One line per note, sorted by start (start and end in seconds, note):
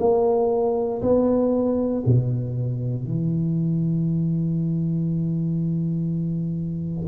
0.00 1.02 A#3
1.02 2.04 B3
2.06 3.05 B2
3.05 7.08 E3